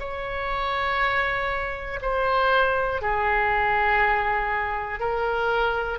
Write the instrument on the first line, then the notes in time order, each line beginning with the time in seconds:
oboe
0.00 C#5
2.02 C5
3.01 G#4
5.00 A#4